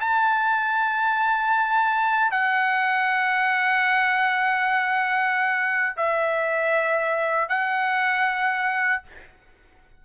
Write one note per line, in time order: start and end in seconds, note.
0.00 2.30 A5
2.30 5.96 F#5
5.97 7.49 E5
7.49 9.02 F#5